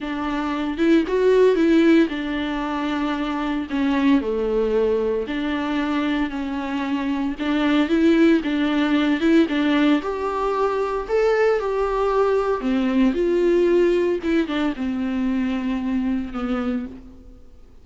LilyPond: \new Staff \with { instrumentName = "viola" } { \time 4/4 \tempo 4 = 114 d'4. e'8 fis'4 e'4 | d'2. cis'4 | a2 d'2 | cis'2 d'4 e'4 |
d'4. e'8 d'4 g'4~ | g'4 a'4 g'2 | c'4 f'2 e'8 d'8 | c'2. b4 | }